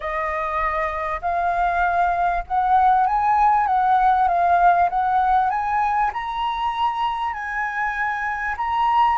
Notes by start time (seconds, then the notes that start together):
0.00 D#5
1.21 F5
2.47 F#5
3.06 G#5
3.66 F#5
4.28 F5
4.89 F#5
5.49 G#5
6.13 A#5
7.33 G#5
8.57 A#5